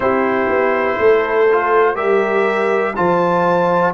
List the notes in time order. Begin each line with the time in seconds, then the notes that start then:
0.00 C4 E4 G4 C5
0.49 B3
0.98 A3 A4
1.52 F4
1.94 G3 G4 A#4 E5
2.95 F3 F4 C5 A5